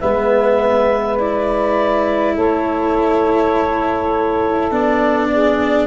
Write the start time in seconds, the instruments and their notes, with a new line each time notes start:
0.00 tuba G#3, cello B3, saxophone B4, clarinet E5
1.18 cello E4, clarinet D5
2.34 tuba A3, saxophone A4, clarinet C#5
4.71 tuba B3, cello D4, clarinet D5
5.31 saxophone G#4